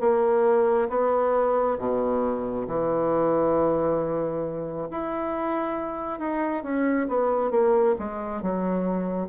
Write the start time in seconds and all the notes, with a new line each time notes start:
0.00 A#3
0.89 B3
1.78 B2
2.67 E3
4.91 E4
6.19 D#4
6.63 C#4
7.08 B3
7.51 A#3
7.99 G#3
8.42 F#3